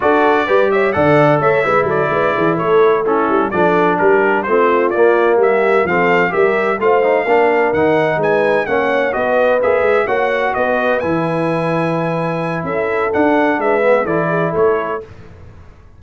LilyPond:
<<
  \new Staff \with { instrumentName = "trumpet" } { \time 4/4 \tempo 4 = 128 d''4. e''8 fis''4 e''4 | d''4. cis''4 a'4 d''8~ | d''8 ais'4 c''4 d''4 e''8~ | e''8 f''4 e''4 f''4.~ |
f''8 fis''4 gis''4 fis''4 dis''8~ | dis''8 e''4 fis''4 dis''4 gis''8~ | gis''2. e''4 | fis''4 e''4 d''4 cis''4 | }
  \new Staff \with { instrumentName = "horn" } { \time 4/4 a'4 b'8 cis''8 d''4 cis''8 b'8 | a'8 b'8 gis'8 a'4 e'4 a'8~ | a'8 g'4 f'2 g'8~ | g'8 a'4 ais'4 c''4 ais'8~ |
ais'4. b'4 cis''4 b'8~ | b'4. cis''4 b'4.~ | b'2. a'4~ | a'4 b'4 a'8 gis'8 a'4 | }
  \new Staff \with { instrumentName = "trombone" } { \time 4/4 fis'4 g'4 a'4. e'8~ | e'2~ e'8 cis'4 d'8~ | d'4. c'4 ais4.~ | ais8 c'4 g'4 f'8 dis'8 d'8~ |
d'8 dis'2 cis'4 fis'8~ | fis'8 gis'4 fis'2 e'8~ | e'1 | d'4. b8 e'2 | }
  \new Staff \with { instrumentName = "tuba" } { \time 4/4 d'4 g4 d4 a8 gis8 | fis8 gis8 e8 a4. g8 f8~ | f8 g4 a4 ais4 g8~ | g8 f4 g4 a4 ais8~ |
ais8 dis4 gis4 ais4 b8~ | b8 ais8 gis8 ais4 b4 e8~ | e2. cis'4 | d'4 gis4 e4 a4 | }
>>